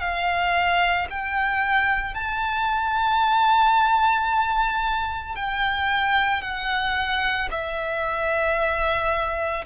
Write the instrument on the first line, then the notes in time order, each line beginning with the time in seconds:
violin
0.00 F5
1.10 G5
2.14 A5
5.35 G5
6.41 F#5
7.50 E5